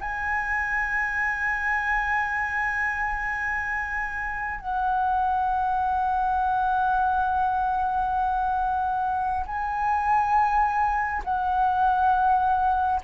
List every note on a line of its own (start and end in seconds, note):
0.00 4.60 G#5
4.60 9.45 F#5
9.46 11.22 G#5
11.24 13.00 F#5